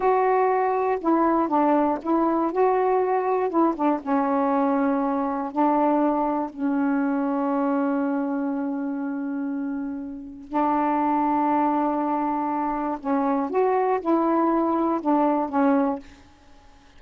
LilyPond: \new Staff \with { instrumentName = "saxophone" } { \time 4/4 \tempo 4 = 120 fis'2 e'4 d'4 | e'4 fis'2 e'8 d'8 | cis'2. d'4~ | d'4 cis'2.~ |
cis'1~ | cis'4 d'2.~ | d'2 cis'4 fis'4 | e'2 d'4 cis'4 | }